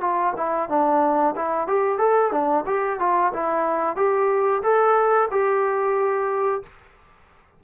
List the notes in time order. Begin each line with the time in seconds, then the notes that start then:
0.00 F4
0.36 E4
0.68 D4
1.35 E4
1.67 G4
1.98 A4
2.31 D4
2.66 G4
2.99 F4
3.33 E4
3.96 G4
4.62 A4
5.30 G4